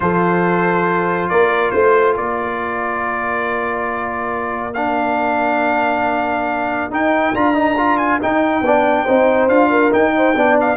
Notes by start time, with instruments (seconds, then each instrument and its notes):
0.00 tuba F3, trombone F4, horn A4, trumpet C5
1.29 tuba A#3, horn A#4, trumpet D5
1.70 tuba A3, trumpet C5, horn C5
2.16 tuba A#3, horn A#4, trumpet D5
4.74 trombone D4, trumpet F5
6.90 tuba D#4, trombone D#4, trumpet G5
7.34 tuba D4, trombone F4, trumpet A#5
7.54 trombone D#4
7.77 trombone F4
7.97 trumpet G#5
8.20 trombone D#4, tuba D#4, trumpet G5
8.61 tuba B3, trombone D4, horn D5
9.04 tuba C4, trombone D#4, horn C5
9.48 tuba D4, trombone F4, trumpet F5
9.69 horn A#4
9.91 trombone D#4, tuba D#4, trumpet G5
10.16 horn C5
10.35 tuba B3, trombone D4, horn D5
10.60 trumpet F5